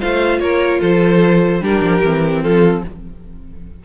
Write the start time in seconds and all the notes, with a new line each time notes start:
0.00 A3 F4 C5 F5
0.40 A#3 A#4 C#5
0.80 F3 A4 C5
1.61 G3 D4 G4 A#4
1.82 F3
2.04 E3 C4
2.43 F3 F4 A4